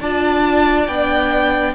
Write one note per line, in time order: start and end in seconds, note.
0.00 0.88 D4
0.00 0.89 F4
0.00 1.74 D5
0.00 0.87 A5
0.87 1.75 B3
0.87 1.75 D4
0.87 1.74 G5